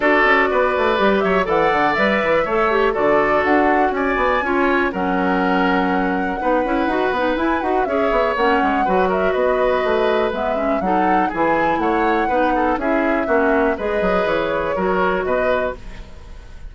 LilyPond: <<
  \new Staff \with { instrumentName = "flute" } { \time 4/4 \tempo 4 = 122 d''2~ d''8 e''8 fis''4 | e''2 d''4 fis''4 | gis''2 fis''2~ | fis''2. gis''8 fis''8 |
e''4 fis''4. e''8 dis''4~ | dis''4 e''4 fis''4 gis''4 | fis''2 e''2 | dis''4 cis''2 dis''4 | }
  \new Staff \with { instrumentName = "oboe" } { \time 4/4 a'4 b'4. cis''8 d''4~ | d''4 cis''4 a'2 | d''4 cis''4 ais'2~ | ais'4 b'2. |
cis''2 b'8 ais'8 b'4~ | b'2 a'4 gis'4 | cis''4 b'8 a'8 gis'4 fis'4 | b'2 ais'4 b'4 | }
  \new Staff \with { instrumentName = "clarinet" } { \time 4/4 fis'2 g'4 a'4 | b'4 a'8 g'8 fis'2~ | fis'4 f'4 cis'2~ | cis'4 dis'8 e'8 fis'8 dis'8 e'8 fis'8 |
gis'4 cis'4 fis'2~ | fis'4 b8 cis'8 dis'4 e'4~ | e'4 dis'4 e'4 cis'4 | gis'2 fis'2 | }
  \new Staff \with { instrumentName = "bassoon" } { \time 4/4 d'8 cis'8 b8 a8 g8 fis8 e8 d8 | g8 e8 a4 d4 d'4 | cis'8 b8 cis'4 fis2~ | fis4 b8 cis'8 dis'8 b8 e'8 dis'8 |
cis'8 b8 ais8 gis8 fis4 b4 | a4 gis4 fis4 e4 | a4 b4 cis'4 ais4 | gis8 fis8 e4 fis4 b,4 | }
>>